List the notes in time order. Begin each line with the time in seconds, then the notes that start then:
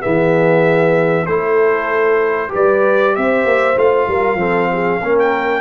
0.00 E3 B3 G#4 E5
1.26 A3 E4 A4 C5
2.49 G3 G4 B4
2.55 D5
3.15 C4 C5 E5
3.44 A#3
3.76 A3 F4 F5
4.08 G3 A#4
4.35 F3 C4 A4
4.72 G#4
5.00 A#3 C#4 A#4
5.19 G5